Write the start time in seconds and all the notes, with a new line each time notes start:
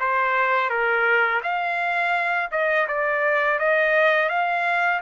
0.00 C5
0.70 A#4
1.43 F5
2.52 D#5
2.88 D5
3.59 D#5
4.29 F5